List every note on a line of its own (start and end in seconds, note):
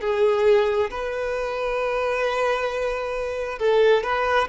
0.00 0.90 G#4
0.90 3.59 B4
3.59 4.03 A4
4.03 4.48 B4